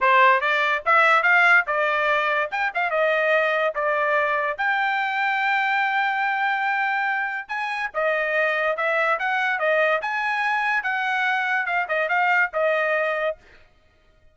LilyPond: \new Staff \with { instrumentName = "trumpet" } { \time 4/4 \tempo 4 = 144 c''4 d''4 e''4 f''4 | d''2 g''8 f''8 dis''4~ | dis''4 d''2 g''4~ | g''1~ |
g''2 gis''4 dis''4~ | dis''4 e''4 fis''4 dis''4 | gis''2 fis''2 | f''8 dis''8 f''4 dis''2 | }